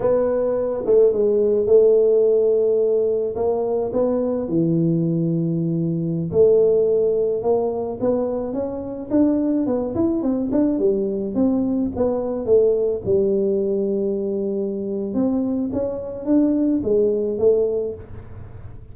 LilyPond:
\new Staff \with { instrumentName = "tuba" } { \time 4/4 \tempo 4 = 107 b4. a8 gis4 a4~ | a2 ais4 b4 | e2.~ e16 a8.~ | a4~ a16 ais4 b4 cis'8.~ |
cis'16 d'4 b8 e'8 c'8 d'8 g8.~ | g16 c'4 b4 a4 g8.~ | g2. c'4 | cis'4 d'4 gis4 a4 | }